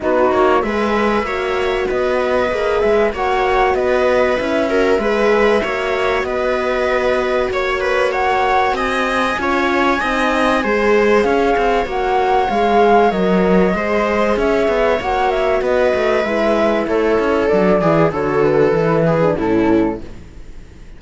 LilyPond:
<<
  \new Staff \with { instrumentName = "flute" } { \time 4/4 \tempo 4 = 96 b'8 cis''8 e''2 dis''4~ | dis''8 e''8 fis''4 dis''4 e''4~ | e''2 dis''2 | cis''4 fis''4 gis''2~ |
gis''2 f''4 fis''4 | f''4 dis''2 e''4 | fis''8 e''8 dis''4 e''4 cis''4 | d''4 cis''8 b'4. a'4 | }
  \new Staff \with { instrumentName = "viola" } { \time 4/4 fis'4 b'4 cis''4 b'4~ | b'4 cis''4 b'4. ais'8 | b'4 cis''4 b'2 | cis''8 b'8 cis''4 dis''4 cis''4 |
dis''4 c''4 cis''2~ | cis''2 c''4 cis''4~ | cis''4 b'2 a'4~ | a'8 gis'8 a'4. gis'8 e'4 | }
  \new Staff \with { instrumentName = "horn" } { \time 4/4 dis'4 gis'4 fis'2 | gis'4 fis'2 e'8 fis'8 | gis'4 fis'2.~ | fis'2. f'4 |
dis'4 gis'2 fis'4 | gis'4 ais'4 gis'2 | fis'2 e'2 | d'8 e'8 fis'4 e'8. d'16 cis'4 | }
  \new Staff \with { instrumentName = "cello" } { \time 4/4 b8 ais8 gis4 ais4 b4 | ais8 gis8 ais4 b4 cis'4 | gis4 ais4 b2 | ais2 c'4 cis'4 |
c'4 gis4 cis'8 c'8 ais4 | gis4 fis4 gis4 cis'8 b8 | ais4 b8 a8 gis4 a8 cis'8 | fis8 e8 d4 e4 a,4 | }
>>